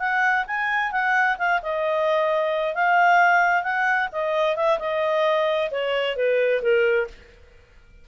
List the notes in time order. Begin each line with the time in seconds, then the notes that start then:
0.00 F#5
0.48 G#5
0.92 F#5
1.39 F5
1.63 D#5
2.75 F5
3.64 F#5
4.13 D#5
4.56 E5
4.79 D#5
5.72 C#5
6.17 B4
6.63 A#4